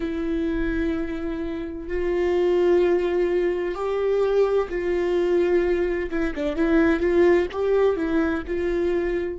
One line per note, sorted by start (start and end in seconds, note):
0.00 1.87 E4
1.87 3.74 F4
3.74 4.68 G4
4.69 6.09 F4
6.10 6.34 E4
6.35 6.56 D4
6.56 6.99 E4
6.99 7.46 F4
7.52 7.96 G4
7.96 8.43 E4
8.46 9.39 F4